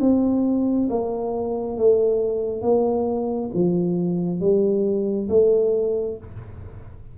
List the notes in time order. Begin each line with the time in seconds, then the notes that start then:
0.00 C4
0.89 A#3
1.77 A3
2.62 A#3
3.54 F3
4.40 G3
5.29 A3